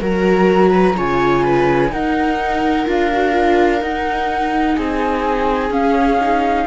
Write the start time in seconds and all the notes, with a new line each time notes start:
0.00 F#3 F#4 A#4 A#5
0.71 B4
0.96 C#3 F4 C#5 G#5
1.43 B4
1.91 D#4 A#4 F#5
2.86 D4 F4 F5
3.12 F#4
3.31 F4
3.81 D#4 F#5
4.75 C4 G#4 G#5
5.70 C#4 F5
6.20 D#4